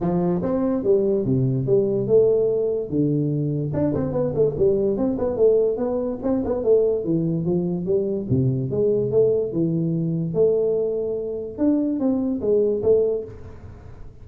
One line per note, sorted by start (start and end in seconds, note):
0.00 0.42 F3
0.42 0.83 C4
0.83 1.25 G3
1.25 1.66 C3
1.66 2.07 G3
2.07 2.89 A3
2.89 3.72 D3
3.73 3.94 D4
3.94 4.12 C4
4.12 4.33 B3
4.34 4.55 A3
4.57 4.97 G3
4.97 5.17 C4
5.18 5.36 B3
5.36 5.77 A3
5.77 6.18 B3
6.22 6.43 C4
6.44 6.63 B3
6.63 7.04 A3
7.04 7.45 E3
7.45 7.85 F3
7.85 8.26 G3
8.29 8.70 C3
8.70 9.11 G#3
9.11 9.52 A3
9.52 10.34 E3
10.34 11.58 A3
11.58 11.99 D4
11.99 12.40 C4
12.41 12.82 G#3
12.83 13.24 A3